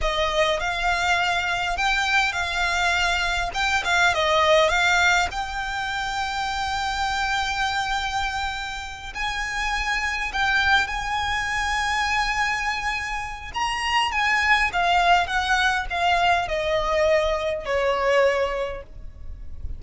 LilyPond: \new Staff \with { instrumentName = "violin" } { \time 4/4 \tempo 4 = 102 dis''4 f''2 g''4 | f''2 g''8 f''8 dis''4 | f''4 g''2.~ | g''2.~ g''8 gis''8~ |
gis''4. g''4 gis''4.~ | gis''2. ais''4 | gis''4 f''4 fis''4 f''4 | dis''2 cis''2 | }